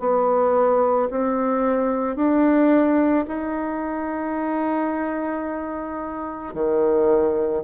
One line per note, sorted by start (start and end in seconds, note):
0.00 1.09 B3
1.11 2.16 C4
2.16 3.25 D4
3.28 6.54 D#4
6.54 7.63 D#3